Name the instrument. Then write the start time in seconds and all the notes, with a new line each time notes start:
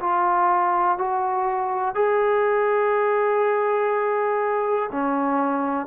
trombone
0.00 F4
0.98 F#4
1.95 G#4
4.92 C#4